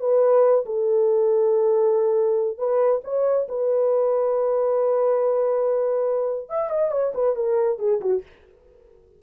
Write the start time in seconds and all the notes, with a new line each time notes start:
0.00 B4
0.66 A4
2.58 B4
3.04 C#5
3.48 B4
6.49 E5
6.70 D#5
6.91 C#5
7.15 B4
7.36 A#4
7.79 G#4
8.01 F#4